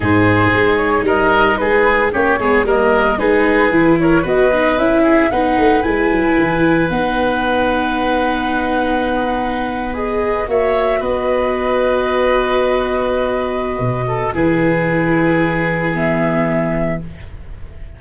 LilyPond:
<<
  \new Staff \with { instrumentName = "flute" } { \time 4/4 \tempo 4 = 113 c''4. cis''8 dis''4 b'4 | cis''4 dis''4 b'4. cis''8 | dis''4 e''4 fis''4 gis''4~ | gis''4 fis''2.~ |
fis''2~ fis''8. dis''4 e''16~ | e''8. dis''2.~ dis''16~ | dis''2. b'4~ | b'2 e''2 | }
  \new Staff \with { instrumentName = "oboe" } { \time 4/4 gis'2 ais'4 gis'4 | g'8 gis'8 ais'4 gis'4. ais'8 | b'4. gis'8 b'2~ | b'1~ |
b'2.~ b'8. cis''16~ | cis''8. b'2.~ b'16~ | b'2~ b'8 a'8 gis'4~ | gis'1 | }
  \new Staff \with { instrumentName = "viola" } { \time 4/4 dis'1 | cis'8 b8 ais4 dis'4 e'4 | fis'8 dis'8 e'4 dis'4 e'4~ | e'4 dis'2.~ |
dis'2~ dis'8. gis'4 fis'16~ | fis'1~ | fis'2. e'4~ | e'2 b2 | }
  \new Staff \with { instrumentName = "tuba" } { \time 4/4 gis,4 gis4 g4 gis4 | ais8 gis8 g4 gis4 e4 | b4 cis'4 b8 a8 gis8 fis8 | e4 b2.~ |
b2.~ b8. ais16~ | ais8. b2.~ b16~ | b2 b,4 e4~ | e1 | }
>>